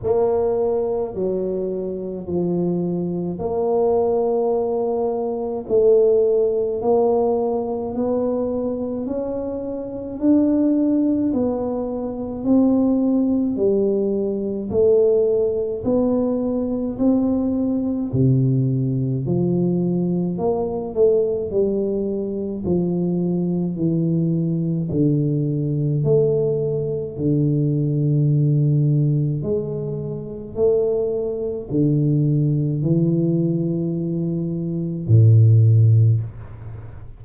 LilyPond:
\new Staff \with { instrumentName = "tuba" } { \time 4/4 \tempo 4 = 53 ais4 fis4 f4 ais4~ | ais4 a4 ais4 b4 | cis'4 d'4 b4 c'4 | g4 a4 b4 c'4 |
c4 f4 ais8 a8 g4 | f4 e4 d4 a4 | d2 gis4 a4 | d4 e2 a,4 | }